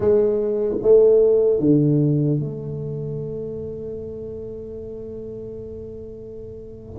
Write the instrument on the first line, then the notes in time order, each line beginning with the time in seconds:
tuba
0.00 G#3
0.82 A3
1.59 D3
2.39 A3